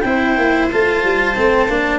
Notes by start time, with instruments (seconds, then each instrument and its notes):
0.00 tuba C4, cello E4, viola C5, clarinet G5
0.37 tuba A#3
0.71 tuba A3, cello F4, clarinet A5
1.04 tuba G3
1.35 tuba A3, cello C4
1.68 tuba A#3, cello D4